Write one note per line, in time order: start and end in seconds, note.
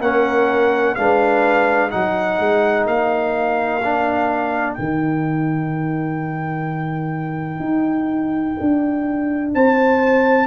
0.00 0.95 A#3
0.00 0.97 C#4
0.00 0.97 A#4
0.00 0.95 F#5
0.95 1.93 G#3
0.95 1.90 D4
0.95 1.92 B4
0.95 1.90 F5
1.90 2.39 F#3
1.90 3.81 D#4
1.90 9.54 A#4
1.90 2.86 F#5
2.39 2.86 G#3
2.86 4.76 A#3
2.86 4.74 F5
3.84 4.78 D4
4.74 7.59 D#3
4.74 10.47 D#4
4.74 9.50 G5
7.59 8.55 D#4
8.61 9.55 D4
9.54 10.47 C4
9.54 10.47 C5
9.54 10.47 A5